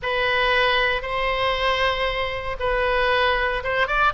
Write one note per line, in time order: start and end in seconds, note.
0.02 1.01 B4
1.01 2.57 C5
2.59 3.63 B4
3.63 3.87 C5
3.87 4.12 D5